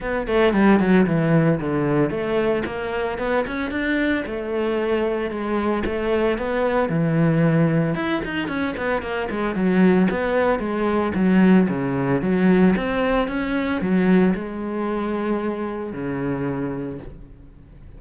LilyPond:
\new Staff \with { instrumentName = "cello" } { \time 4/4 \tempo 4 = 113 b8 a8 g8 fis8 e4 d4 | a4 ais4 b8 cis'8 d'4 | a2 gis4 a4 | b4 e2 e'8 dis'8 |
cis'8 b8 ais8 gis8 fis4 b4 | gis4 fis4 cis4 fis4 | c'4 cis'4 fis4 gis4~ | gis2 cis2 | }